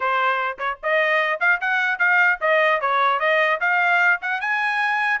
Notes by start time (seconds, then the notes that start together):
0.00 C5
0.58 C#5
0.82 D#5
1.39 F5
1.61 F#5
1.98 F5
2.40 D#5
2.80 C#5
3.19 D#5
3.60 F5
4.21 F#5
4.41 G#5